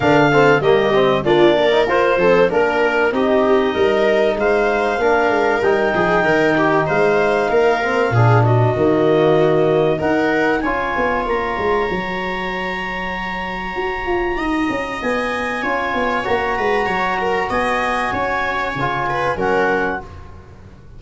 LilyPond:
<<
  \new Staff \with { instrumentName = "clarinet" } { \time 4/4 \tempo 4 = 96 f''4 dis''4 d''4 c''4 | ais'4 dis''2 f''4~ | f''4 g''2 f''4~ | f''4. dis''2~ dis''8 |
fis''4 gis''4 ais''2~ | ais''1 | gis''2 ais''2 | gis''2. fis''4 | }
  \new Staff \with { instrumentName = "viola" } { \time 4/4 ais'8 a'8 g'4 f'8 ais'4 a'8 | ais'4 g'4 ais'4 c''4 | ais'4. gis'8 ais'8 g'8 c''4 | ais'4 gis'8 fis'2~ fis'8 |
ais'4 cis''2.~ | cis''2. dis''4~ | dis''4 cis''4. b'8 cis''8 ais'8 | dis''4 cis''4. b'8 ais'4 | }
  \new Staff \with { instrumentName = "trombone" } { \time 4/4 d'8 c'8 ais8 c'8 d'8. dis'16 f'8 c'8 | d'4 dis'2. | d'4 dis'2.~ | dis'8 c'8 d'4 ais2 |
dis'4 f'2 fis'4~ | fis'1~ | fis'4 f'4 fis'2~ | fis'2 f'4 cis'4 | }
  \new Staff \with { instrumentName = "tuba" } { \time 4/4 d4 g4 ais4 f'8 f8 | ais4 c'4 g4 gis4 | ais8 gis8 g8 f8 dis4 gis4 | ais4 ais,4 dis2 |
dis'4 cis'8 b8 ais8 gis8 fis4~ | fis2 fis'8 f'8 dis'8 cis'8 | b4 cis'8 b8 ais8 gis8 fis4 | b4 cis'4 cis4 fis4 | }
>>